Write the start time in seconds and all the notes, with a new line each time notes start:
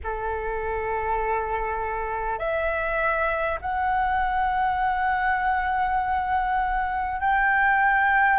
0.03 A4
2.38 E5
3.61 F#5
7.20 G5